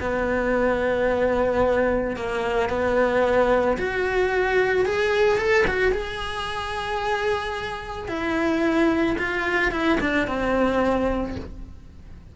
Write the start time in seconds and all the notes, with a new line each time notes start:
0.00 B3
2.16 A#3
2.69 B3
3.77 F#4
4.85 G#4
5.38 A4
5.67 F#4
5.92 G#4
8.08 E4
9.18 F4
9.71 E4
10.00 D4
10.27 C4